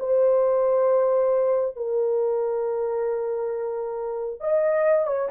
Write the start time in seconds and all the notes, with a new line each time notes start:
0.00 C5
1.76 A#4
4.41 D#5
5.07 C#5